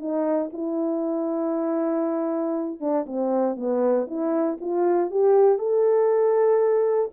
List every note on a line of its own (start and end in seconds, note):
0.00 0.51 D#4
0.53 2.80 E4
2.80 3.06 D4
3.06 3.56 C4
3.56 4.07 B3
4.07 4.58 E4
4.61 5.11 F4
5.11 5.59 G4
5.59 7.12 A4